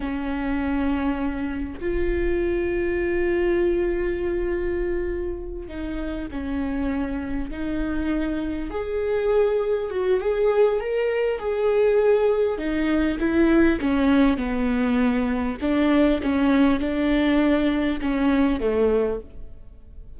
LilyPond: \new Staff \with { instrumentName = "viola" } { \time 4/4 \tempo 4 = 100 cis'2. f'4~ | f'1~ | f'4. dis'4 cis'4.~ | cis'8 dis'2 gis'4.~ |
gis'8 fis'8 gis'4 ais'4 gis'4~ | gis'4 dis'4 e'4 cis'4 | b2 d'4 cis'4 | d'2 cis'4 a4 | }